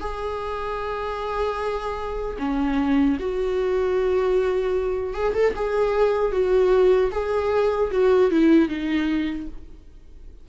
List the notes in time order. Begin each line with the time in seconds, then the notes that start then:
0.00 G#4
2.39 C#4
3.20 F#4
5.14 G#4
5.34 A4
5.56 G#4
6.32 F#4
7.12 G#4
7.91 F#4
8.31 E4
8.68 D#4